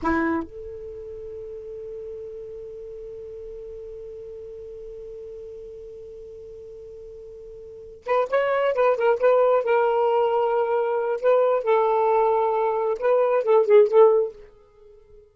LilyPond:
\new Staff \with { instrumentName = "saxophone" } { \time 4/4 \tempo 4 = 134 e'4 a'2.~ | a'1~ | a'1~ | a'1~ |
a'2 b'8 cis''4 b'8 | ais'8 b'4 ais'2~ ais'8~ | ais'4 b'4 a'2~ | a'4 b'4 a'8 gis'8 a'4 | }